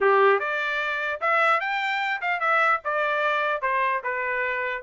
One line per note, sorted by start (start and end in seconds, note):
0.01 0.39 G4
0.39 1.20 D5
1.20 1.60 E5
1.60 2.21 G5
2.21 2.40 F5
2.40 2.80 E5
2.84 3.61 D5
3.61 4.02 C5
4.03 4.82 B4